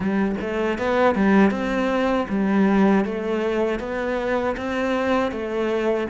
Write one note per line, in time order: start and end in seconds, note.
0.00 0.35 G3
0.40 0.78 A3
0.78 1.15 B3
1.15 1.51 G3
1.51 2.26 C4
2.29 3.04 G3
3.04 3.79 A3
3.79 4.55 B3
4.56 5.31 C4
5.31 6.07 A3